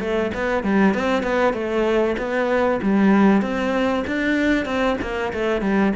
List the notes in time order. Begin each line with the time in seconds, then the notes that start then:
0.00 A3
0.34 B3
0.64 G3
0.94 C4
1.23 B3
1.54 A3
2.18 B3
2.82 G3
3.42 C4
4.07 D4
4.66 C4
5.01 A#3
5.33 A3
5.61 G3